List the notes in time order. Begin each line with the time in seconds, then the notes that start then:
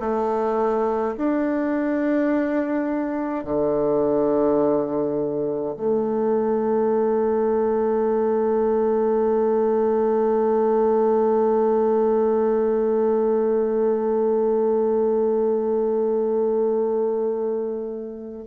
0.00 A3
1.17 D4
3.45 D3
5.77 A3